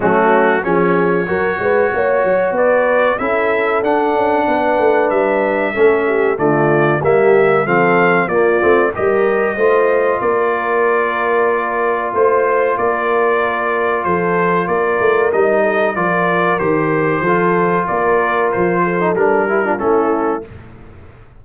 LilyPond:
<<
  \new Staff \with { instrumentName = "trumpet" } { \time 4/4 \tempo 4 = 94 fis'4 cis''2. | d''4 e''4 fis''2 | e''2 d''4 e''4 | f''4 d''4 dis''2 |
d''2. c''4 | d''2 c''4 d''4 | dis''4 d''4 c''2 | d''4 c''4 ais'4 a'4 | }
  \new Staff \with { instrumentName = "horn" } { \time 4/4 cis'4 gis'4 ais'8 b'8 cis''4 | b'4 a'2 b'4~ | b'4 a'8 g'8 f'4 g'4 | a'4 f'4 ais'4 c''4 |
ais'2. c''4 | ais'2 a'4 ais'4~ | ais'8 a'8 ais'2 a'4 | ais'4. a'4 g'16 f'16 e'4 | }
  \new Staff \with { instrumentName = "trombone" } { \time 4/4 a4 cis'4 fis'2~ | fis'4 e'4 d'2~ | d'4 cis'4 a4 ais4 | c'4 ais8 c'8 g'4 f'4~ |
f'1~ | f'1 | dis'4 f'4 g'4 f'4~ | f'4.~ f'16 dis'16 d'8 e'16 d'16 cis'4 | }
  \new Staff \with { instrumentName = "tuba" } { \time 4/4 fis4 f4 fis8 gis8 ais8 fis8 | b4 cis'4 d'8 cis'8 b8 a8 | g4 a4 d4 g4 | f4 ais8 a8 g4 a4 |
ais2. a4 | ais2 f4 ais8 a8 | g4 f4 dis4 f4 | ais4 f4 g4 a4 | }
>>